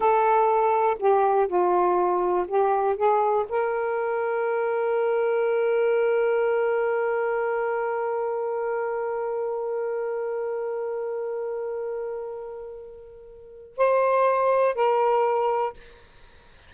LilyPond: \new Staff \with { instrumentName = "saxophone" } { \time 4/4 \tempo 4 = 122 a'2 g'4 f'4~ | f'4 g'4 gis'4 ais'4~ | ais'1~ | ais'1~ |
ais'1~ | ais'1~ | ais'1 | c''2 ais'2 | }